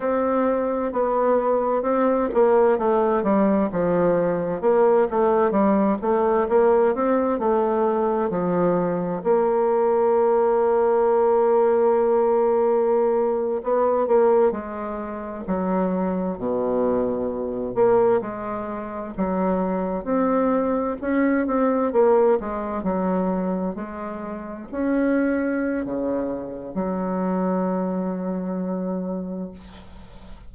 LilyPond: \new Staff \with { instrumentName = "bassoon" } { \time 4/4 \tempo 4 = 65 c'4 b4 c'8 ais8 a8 g8 | f4 ais8 a8 g8 a8 ais8 c'8 | a4 f4 ais2~ | ais2~ ais8. b8 ais8 gis16~ |
gis8. fis4 b,4. ais8 gis16~ | gis8. fis4 c'4 cis'8 c'8 ais16~ | ais16 gis8 fis4 gis4 cis'4~ cis'16 | cis4 fis2. | }